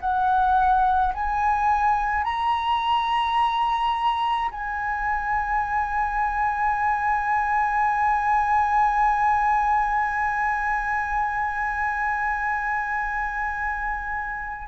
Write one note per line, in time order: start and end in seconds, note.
0.00 1.13 F#5
1.14 2.24 G#5
2.24 4.50 A#5
4.51 14.68 G#5